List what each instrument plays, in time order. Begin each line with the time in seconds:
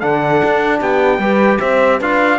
0.00 cello D3, trombone D4, horn A4, trumpet F#5
0.44 cello D4
0.80 cello B3, horn G4, trumpet G5
1.19 cello G3, trombone G4, horn B4
1.60 cello C4, horn C5, trumpet E5
1.98 cello D4, trombone F4, horn B4, trumpet F5